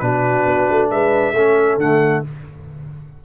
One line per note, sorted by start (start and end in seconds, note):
0.00 0.46 B2
0.00 1.34 D4
0.00 0.91 F#4
0.00 0.88 B4
0.46 0.68 B3
0.70 0.91 A3
0.91 1.33 G#3
0.91 1.35 B4
0.91 1.79 E5
1.33 1.77 A3
1.33 1.81 C#4
1.33 2.24 A4
1.78 2.22 D3
1.78 2.25 A3
1.78 2.24 F#5